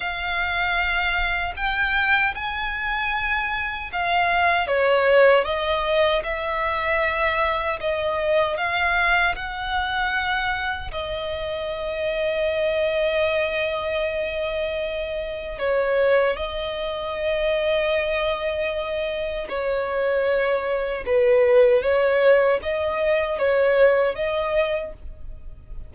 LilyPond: \new Staff \with { instrumentName = "violin" } { \time 4/4 \tempo 4 = 77 f''2 g''4 gis''4~ | gis''4 f''4 cis''4 dis''4 | e''2 dis''4 f''4 | fis''2 dis''2~ |
dis''1 | cis''4 dis''2.~ | dis''4 cis''2 b'4 | cis''4 dis''4 cis''4 dis''4 | }